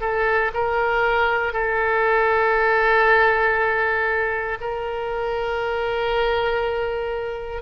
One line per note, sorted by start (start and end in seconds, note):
0.00 0.51 A4
0.54 1.53 A#4
1.53 4.58 A4
4.60 7.62 A#4